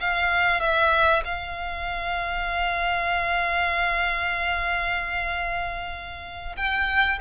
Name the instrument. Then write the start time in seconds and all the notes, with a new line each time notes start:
violin
0.00 F5
0.61 E5
1.25 F5
6.57 G5